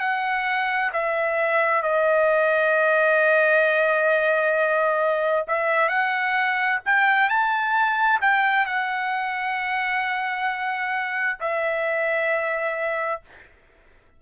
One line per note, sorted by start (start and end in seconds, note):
0.00 0.91 F#5
0.93 1.83 E5
1.83 5.46 D#5
5.48 5.89 E5
5.89 6.80 F#5
6.86 7.29 G5
7.29 8.20 A5
8.22 8.67 G5
8.67 11.39 F#5
11.40 13.22 E5